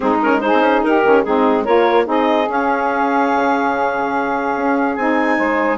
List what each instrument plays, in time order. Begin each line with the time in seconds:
0.00 bassoon G#3, saxophone C4 D#4, clarinet G#4
0.22 saxophone C#4, clarinet A#4
0.40 saxophone D#4 G#4, clarinet C5
0.53 bassoon C4
0.60 bassoon C#4
0.83 bassoon D#4, saxophone G4, clarinet A#4
1.04 bassoon D#3, saxophone C#4
1.23 bassoon G#3, saxophone C4 D#4, clarinet G#4
1.63 bassoon A#3, saxophone F4 A#4, clarinet C#5
2.04 bassoon C4, saxophone D#4 G#4, clarinet D#5
2.48 bassoon C#4, saxophone C#4, clarinet F5
3.35 bassoon C#3
4.55 bassoon C#4
4.95 bassoon C4, saxophone D#4, clarinet G#5
5.37 bassoon G#3, saxophone C5